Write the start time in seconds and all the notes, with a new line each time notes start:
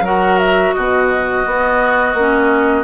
0.00 F#3 F#4 A#4 F#5
0.38 E5
0.73 B2 F#4 D#5
1.45 B3
2.14 A#3 C#4